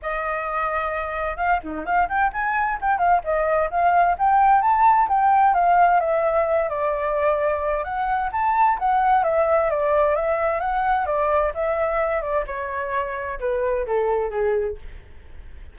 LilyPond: \new Staff \with { instrumentName = "flute" } { \time 4/4 \tempo 4 = 130 dis''2. f''8 dis'8 | f''8 g''8 gis''4 g''8 f''8 dis''4 | f''4 g''4 a''4 g''4 | f''4 e''4. d''4.~ |
d''4 fis''4 a''4 fis''4 | e''4 d''4 e''4 fis''4 | d''4 e''4. d''8 cis''4~ | cis''4 b'4 a'4 gis'4 | }